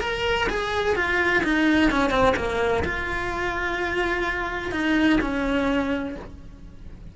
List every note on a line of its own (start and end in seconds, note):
0.00 0.47 A#4
0.49 0.95 G#4
0.95 1.42 F4
1.43 1.90 D#4
1.90 2.10 C#4
2.10 2.34 C4
2.36 2.83 A#3
2.84 4.72 F4
4.72 5.19 D#4
5.21 6.15 C#4